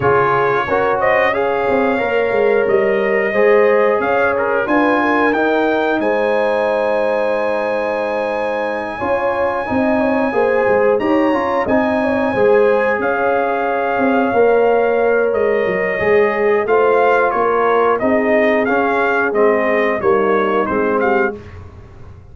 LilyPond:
<<
  \new Staff \with { instrumentName = "trumpet" } { \time 4/4 \tempo 4 = 90 cis''4. dis''8 f''2 | dis''2 f''8 ais'8 gis''4 | g''4 gis''2.~ | gis''1~ |
gis''8 ais''4 gis''2 f''8~ | f''2. dis''4~ | dis''4 f''4 cis''4 dis''4 | f''4 dis''4 cis''4 c''8 f''8 | }
  \new Staff \with { instrumentName = "horn" } { \time 4/4 gis'4 ais'8 c''8 cis''2~ | cis''4 c''4 cis''4 b'8 ais'8~ | ais'4 c''2.~ | c''4. cis''4 dis''8 cis''8 c''8~ |
c''8 cis''4 dis''8 cis''8 c''4 cis''8~ | cis''1~ | cis''4 c''4 ais'4 gis'4~ | gis'2 dis'4. g'8 | }
  \new Staff \with { instrumentName = "trombone" } { \time 4/4 f'4 fis'4 gis'4 ais'4~ | ais'4 gis'2 f'4 | dis'1~ | dis'4. f'4 dis'4 gis'8~ |
gis'8 g'8 f'8 dis'4 gis'4.~ | gis'4. ais'2~ ais'8 | gis'4 f'2 dis'4 | cis'4 c'4 ais4 c'4 | }
  \new Staff \with { instrumentName = "tuba" } { \time 4/4 cis4 cis'4. c'8 ais8 gis8 | g4 gis4 cis'4 d'4 | dis'4 gis2.~ | gis4. cis'4 c'4 ais8 |
gis8 dis'8 cis'8 c'4 gis4 cis'8~ | cis'4 c'8 ais4. gis8 fis8 | gis4 a4 ais4 c'4 | cis'4 gis4 g4 gis4 | }
>>